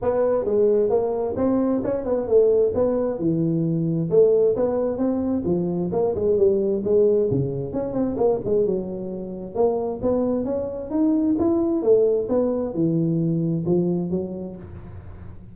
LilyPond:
\new Staff \with { instrumentName = "tuba" } { \time 4/4 \tempo 4 = 132 b4 gis4 ais4 c'4 | cis'8 b8 a4 b4 e4~ | e4 a4 b4 c'4 | f4 ais8 gis8 g4 gis4 |
cis4 cis'8 c'8 ais8 gis8 fis4~ | fis4 ais4 b4 cis'4 | dis'4 e'4 a4 b4 | e2 f4 fis4 | }